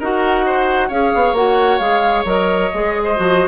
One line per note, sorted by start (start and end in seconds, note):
0.00 0.91 D#4
0.00 0.91 F#4
0.00 0.45 A#4
0.00 0.90 F#5
0.46 0.88 C5
0.88 1.13 C#4
0.88 1.36 G#4
0.88 3.02 C#5
0.88 1.35 F5
1.14 1.33 B3
1.33 1.78 A#3
1.33 1.81 F#4
1.33 1.78 F#5
1.78 2.25 G#3
1.78 2.26 G#4
1.78 2.23 F5
2.25 2.70 F#3
2.25 2.71 A#4
2.25 3.48 D#5
2.73 3.19 G#3
2.73 3.16 G#4
3.04 3.48 C5
3.16 3.48 F3
3.16 3.48 F#4